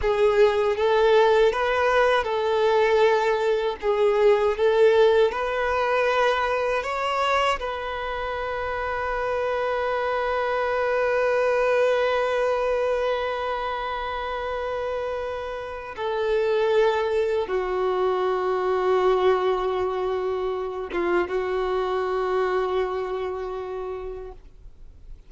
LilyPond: \new Staff \with { instrumentName = "violin" } { \time 4/4 \tempo 4 = 79 gis'4 a'4 b'4 a'4~ | a'4 gis'4 a'4 b'4~ | b'4 cis''4 b'2~ | b'1~ |
b'1~ | b'4 a'2 fis'4~ | fis'2.~ fis'8 f'8 | fis'1 | }